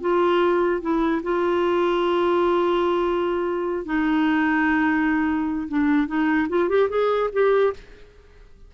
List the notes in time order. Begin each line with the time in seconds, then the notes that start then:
0.00 F4
0.81 E4
1.23 F4
3.85 D#4
5.68 D4
6.07 D#4
6.48 F4
6.69 G4
6.89 G#4
7.32 G4